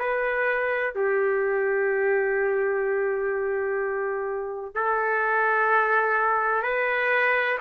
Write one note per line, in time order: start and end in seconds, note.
0.00 0.95 B4
0.95 4.75 G4
4.75 6.63 A4
6.63 7.58 B4